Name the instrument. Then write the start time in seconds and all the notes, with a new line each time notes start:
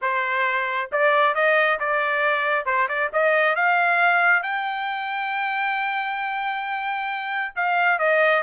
trumpet
0.01 C5
0.92 D5
1.34 D#5
1.79 D5
2.65 C5
2.88 D5
3.13 D#5
3.55 F5
4.42 G5
7.55 F5
7.98 D#5